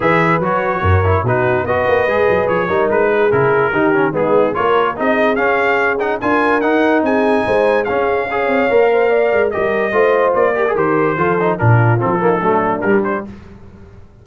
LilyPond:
<<
  \new Staff \with { instrumentName = "trumpet" } { \time 4/4 \tempo 4 = 145 e''4 cis''2 b'4 | dis''2 cis''4 b'4 | ais'2 gis'4 cis''4 | dis''4 f''4. fis''8 gis''4 |
fis''4 gis''2 f''4~ | f''2. dis''4~ | dis''4 d''4 c''2 | ais'4 a'2 ais'8 c''8 | }
  \new Staff \with { instrumentName = "horn" } { \time 4/4 b'2 ais'4 fis'4 | b'2~ b'8 ais'4 gis'8~ | gis'4 g'4 dis'4 ais'4 | gis'2. ais'4~ |
ais'4 gis'4 c''4 gis'4 | cis''4. c''8 d''4 ais'4 | c''4. ais'4. a'4 | f'4. dis'8 d'2 | }
  \new Staff \with { instrumentName = "trombone" } { \time 4/4 gis'4 fis'4. e'8 dis'4 | fis'4 gis'4. dis'4. | e'4 dis'8 cis'8 b4 f'4 | dis'4 cis'4. dis'8 f'4 |
dis'2. cis'4 | gis'4 ais'2 g'4 | f'4. g'16 gis'16 g'4 f'8 dis'8 | d'4 c'8 ais8 a4 g4 | }
  \new Staff \with { instrumentName = "tuba" } { \time 4/4 e4 fis4 fis,4 b,4 | b8 ais8 gis8 fis8 f8 g8 gis4 | cis4 dis4 gis4 ais4 | c'4 cis'2 d'4 |
dis'4 c'4 gis4 cis'4~ | cis'8 c'8 ais4. gis8 g4 | a4 ais4 dis4 f4 | ais,4 f4 fis4 g4 | }
>>